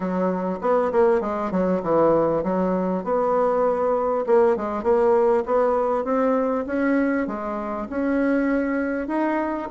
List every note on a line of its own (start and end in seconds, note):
0.00 0.59 F#3
0.61 0.91 B3
0.91 1.21 A#3
1.21 1.51 G#3
1.51 1.81 F#3
1.82 2.43 E3
2.43 3.04 F#3
3.04 4.25 B3
4.26 4.56 A#3
4.56 4.83 G#3
4.83 5.44 A#3
5.45 6.04 B3
6.04 6.65 C4
6.66 7.27 C#4
7.27 7.87 G#3
7.90 9.07 C#4
9.07 9.68 D#4